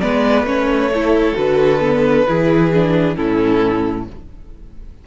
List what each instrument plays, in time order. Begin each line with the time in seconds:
0.00 cello G#3, viola B3, violin B4 D5
0.43 cello A3, viola C#4, violin C#5
0.94 viola E4, violin A4
1.35 cello D3, viola F#4, violin B4
1.80 viola B3
2.27 cello E3, viola E4, violin G#4
2.72 viola D4
3.15 cello A2, viola C#4, violin E4 A4